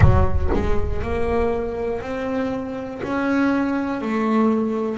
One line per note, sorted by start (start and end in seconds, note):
0.00 0.49 F#3
0.53 1.01 G#3
1.01 2.00 A#3
2.00 3.00 C4
3.02 4.00 C#4
4.00 4.98 A3